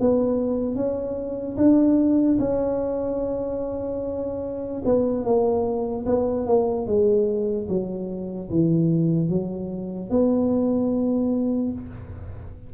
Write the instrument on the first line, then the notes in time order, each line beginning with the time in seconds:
tuba
0.00 B3
0.76 C#4
1.57 D4
2.39 C#4
4.85 B3
5.24 A#3
6.06 B3
6.46 A#3
6.87 G#3
7.68 F#3
8.50 E3
9.29 F#3
10.10 B3